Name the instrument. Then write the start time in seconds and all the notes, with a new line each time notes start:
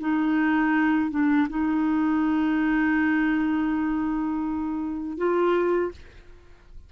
clarinet
0.00 D#4
1.10 D4
1.49 D#4
5.17 F4